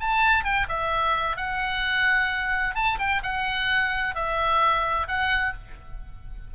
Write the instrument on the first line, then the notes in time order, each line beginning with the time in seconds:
oboe
0.00 A5
0.44 G5
0.69 E5
1.37 F#5
2.75 A5
2.99 G5
3.23 F#5
4.15 E5
5.08 F#5